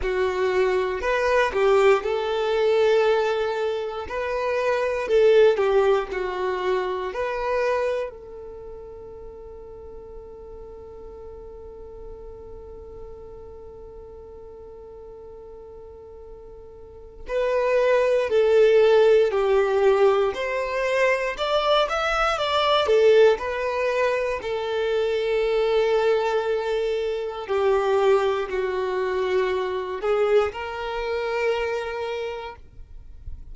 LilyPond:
\new Staff \with { instrumentName = "violin" } { \time 4/4 \tempo 4 = 59 fis'4 b'8 g'8 a'2 | b'4 a'8 g'8 fis'4 b'4 | a'1~ | a'1~ |
a'4 b'4 a'4 g'4 | c''4 d''8 e''8 d''8 a'8 b'4 | a'2. g'4 | fis'4. gis'8 ais'2 | }